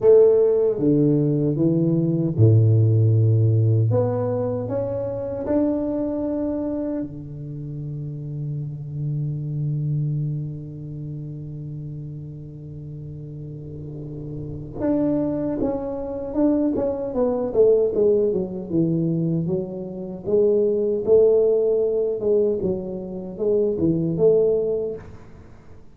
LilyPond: \new Staff \with { instrumentName = "tuba" } { \time 4/4 \tempo 4 = 77 a4 d4 e4 a,4~ | a,4 b4 cis'4 d'4~ | d'4 d2.~ | d1~ |
d2. d'4 | cis'4 d'8 cis'8 b8 a8 gis8 fis8 | e4 fis4 gis4 a4~ | a8 gis8 fis4 gis8 e8 a4 | }